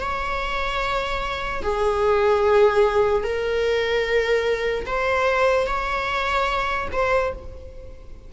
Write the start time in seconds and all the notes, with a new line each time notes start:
0.00 C#5
1.62 G#4
3.23 A#4
4.86 C5
5.66 C#5
6.92 C5